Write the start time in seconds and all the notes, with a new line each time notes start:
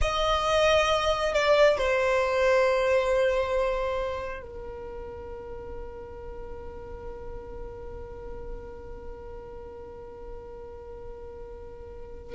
0.01 D#5
1.33 D5
1.77 C5
4.42 A#4